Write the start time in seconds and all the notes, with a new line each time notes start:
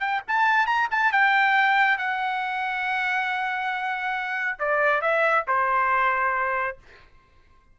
0.00 G5
0.27 A5
0.66 A#5
0.91 A5
1.12 G5
1.97 F#5
4.59 D5
5.01 E5
5.47 C5